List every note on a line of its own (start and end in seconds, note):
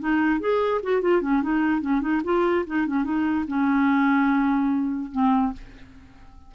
0.00 0.40 D#4
0.40 0.81 G#4
0.83 1.02 F#4
1.02 1.22 F4
1.22 1.43 C#4
1.43 1.82 D#4
1.82 2.02 C#4
2.02 2.22 D#4
2.25 2.66 F4
2.67 2.87 D#4
2.87 3.04 C#4
3.04 3.45 D#4
3.48 5.12 C#4
5.12 5.53 C4